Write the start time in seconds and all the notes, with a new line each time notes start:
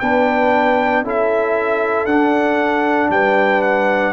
0.00 B3 D4 B4 G5
1.02 C#4 E4 A4
1.09 E5
2.05 D4 F#5
3.10 G3 B4 G5
3.62 F#5